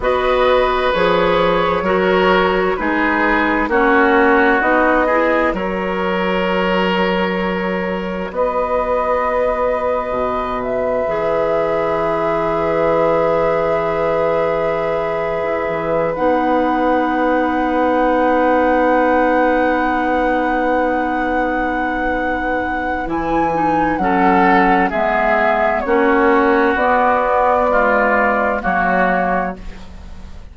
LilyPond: <<
  \new Staff \with { instrumentName = "flute" } { \time 4/4 \tempo 4 = 65 dis''4 cis''2 b'4 | cis''4 dis''4 cis''2~ | cis''4 dis''2~ dis''8 e''8~ | e''1~ |
e''4. fis''2~ fis''8~ | fis''1~ | fis''4 gis''4 fis''4 e''4 | cis''4 d''2 cis''4 | }
  \new Staff \with { instrumentName = "oboe" } { \time 4/4 b'2 ais'4 gis'4 | fis'4. gis'8 ais'2~ | ais'4 b'2.~ | b'1~ |
b'1~ | b'1~ | b'2 a'4 gis'4 | fis'2 f'4 fis'4 | }
  \new Staff \with { instrumentName = "clarinet" } { \time 4/4 fis'4 gis'4 fis'4 dis'4 | cis'4 dis'8 e'8 fis'2~ | fis'1 | gis'1~ |
gis'4. dis'2~ dis'8~ | dis'1~ | dis'4 e'8 dis'8 cis'4 b4 | cis'4 b4 gis4 ais4 | }
  \new Staff \with { instrumentName = "bassoon" } { \time 4/4 b4 f4 fis4 gis4 | ais4 b4 fis2~ | fis4 b2 b,4 | e1~ |
e8. e'16 e8 b2~ b8~ | b1~ | b4 e4 fis4 gis4 | ais4 b2 fis4 | }
>>